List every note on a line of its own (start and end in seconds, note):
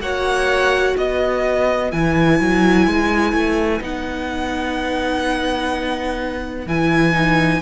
0.00 0.95 A#3
0.00 1.91 F#4
0.00 0.96 C#5
0.00 0.96 F#5
0.96 1.92 B3
0.96 7.62 B4
0.96 1.91 D#5
1.91 2.40 E3
1.91 3.80 E4
1.91 3.82 G#5
2.40 2.87 F#3
2.87 3.33 G#3
3.33 3.80 A3
3.80 6.66 B3
3.80 6.66 D#4
3.80 6.68 F#5
6.66 7.62 E3
6.66 7.12 E4
6.66 7.62 G#5
7.12 7.60 D#4